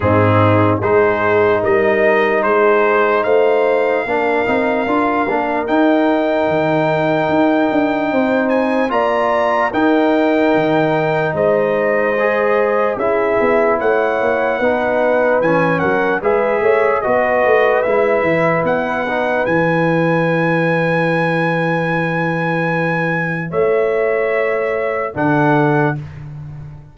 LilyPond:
<<
  \new Staff \with { instrumentName = "trumpet" } { \time 4/4 \tempo 4 = 74 gis'4 c''4 dis''4 c''4 | f''2. g''4~ | g''2~ g''8 gis''8 ais''4 | g''2 dis''2 |
e''4 fis''2 gis''8 fis''8 | e''4 dis''4 e''4 fis''4 | gis''1~ | gis''4 e''2 fis''4 | }
  \new Staff \with { instrumentName = "horn" } { \time 4/4 dis'4 gis'4 ais'4 gis'4 | c''4 ais'2.~ | ais'2 c''4 d''4 | ais'2 c''2 |
gis'4 cis''4 b'4. ais'8 | b'8 cis''8 b'2.~ | b'1~ | b'4 cis''2 a'4 | }
  \new Staff \with { instrumentName = "trombone" } { \time 4/4 c'4 dis'2.~ | dis'4 d'8 dis'8 f'8 d'8 dis'4~ | dis'2. f'4 | dis'2. gis'4 |
e'2 dis'4 cis'4 | gis'4 fis'4 e'4. dis'8 | e'1~ | e'2. d'4 | }
  \new Staff \with { instrumentName = "tuba" } { \time 4/4 gis,4 gis4 g4 gis4 | a4 ais8 c'8 d'8 ais8 dis'4 | dis4 dis'8 d'8 c'4 ais4 | dis'4 dis4 gis2 |
cis'8 b8 a8 ais8 b4 e8 fis8 | gis8 a8 b8 a8 gis8 e8 b4 | e1~ | e4 a2 d4 | }
>>